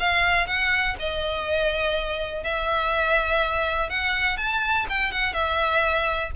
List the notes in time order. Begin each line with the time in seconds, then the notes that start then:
0.00 F5
0.47 F#5
0.99 D#5
2.44 E5
3.90 F#5
4.38 A5
4.90 G5
5.12 F#5
5.33 E5